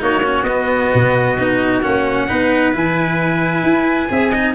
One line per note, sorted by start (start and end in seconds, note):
0.00 0.44 A#3
0.00 0.23 D#4
0.00 2.29 F#4
0.00 0.44 C#5
0.24 0.46 C#4
0.44 0.89 B3
0.44 1.39 B3
0.44 1.80 D#5
0.94 1.39 B2
1.39 1.84 B3
1.39 1.83 D#4
1.83 2.29 A#3
1.83 2.28 C#4
1.83 2.74 F#5
2.28 2.75 B3
2.28 2.73 D#4
2.28 4.11 B4
2.73 3.63 E3
2.73 4.10 E4
2.73 4.55 G#5
3.63 4.09 E4
4.10 4.55 C4
4.10 4.32 G#4
4.10 4.31 E5
4.31 4.55 D#4
4.31 4.54 D#5